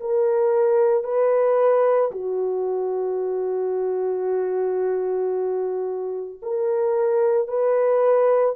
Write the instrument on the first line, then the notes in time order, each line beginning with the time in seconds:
horn
0.00 A#4
1.04 B4
2.11 F#4
6.42 A#4
7.48 B4